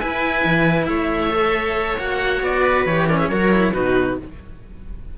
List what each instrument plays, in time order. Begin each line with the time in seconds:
0.00 cello E4, viola B4, oboe G#5
0.45 cello E3
0.87 cello A3, viola C#5, oboe E5
1.31 cello A4
1.98 cello A#3 F#4, oboe F#5
2.42 cello B3, oboe D5
2.61 viola B4
2.86 cello E3 G4, oboe C#5
3.09 cello C#4, viola A#4, oboe D5
3.19 viola G#4, oboe E5
3.29 cello F#3 F#4, viola A#4, oboe C#5
3.52 cello E4
3.73 cello B2 D#4, viola F#4, oboe B4